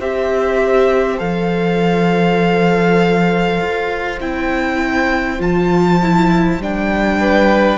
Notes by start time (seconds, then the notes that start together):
0.00 C4 G4 C5 E5
1.19 F3 A4 F5
3.61 F4
4.21 C4 E4 G5
5.39 F3 F4 A5
6.02 E4
6.58 G3 D4 G5
7.20 B4